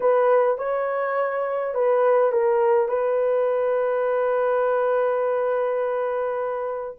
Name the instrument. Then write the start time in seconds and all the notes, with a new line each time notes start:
horn
0.00 B4
0.58 C#5
1.74 B4
2.32 A#4
2.88 B4